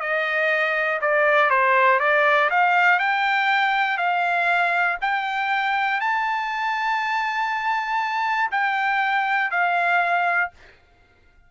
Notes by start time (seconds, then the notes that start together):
0.00 D#5
1.01 D5
1.50 C5
2.00 D5
2.50 F5
2.99 G5
3.97 F5
5.01 G5
6.00 A5
8.51 G5
9.51 F5